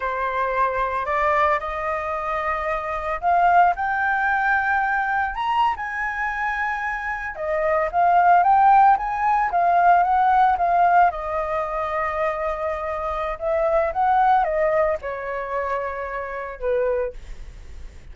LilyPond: \new Staff \with { instrumentName = "flute" } { \time 4/4 \tempo 4 = 112 c''2 d''4 dis''4~ | dis''2 f''4 g''4~ | g''2 ais''8. gis''4~ gis''16~ | gis''4.~ gis''16 dis''4 f''4 g''16~ |
g''8. gis''4 f''4 fis''4 f''16~ | f''8. dis''2.~ dis''16~ | dis''4 e''4 fis''4 dis''4 | cis''2. b'4 | }